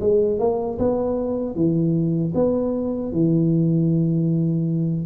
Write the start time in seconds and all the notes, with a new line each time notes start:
0.00 G#3
0.39 A#3
0.78 B3
1.55 E3
2.34 B3
3.12 E3